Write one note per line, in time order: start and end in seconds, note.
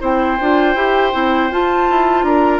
0.00 0.39 C4
0.00 0.38 E4
0.00 2.25 C5
0.00 1.52 G5
0.41 0.75 D4
0.41 0.76 F4
0.75 1.13 E4
0.75 1.12 G4
1.12 1.51 C4
1.12 1.50 E4
1.51 1.89 F4
1.51 2.60 F4
1.51 2.23 A5
1.90 2.23 E4
2.23 2.60 D4
2.23 2.60 A#4
2.23 2.60 A#5